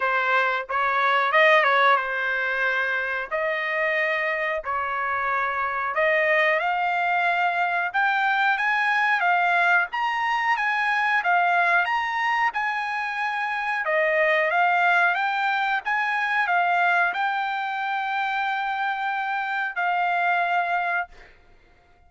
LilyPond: \new Staff \with { instrumentName = "trumpet" } { \time 4/4 \tempo 4 = 91 c''4 cis''4 dis''8 cis''8 c''4~ | c''4 dis''2 cis''4~ | cis''4 dis''4 f''2 | g''4 gis''4 f''4 ais''4 |
gis''4 f''4 ais''4 gis''4~ | gis''4 dis''4 f''4 g''4 | gis''4 f''4 g''2~ | g''2 f''2 | }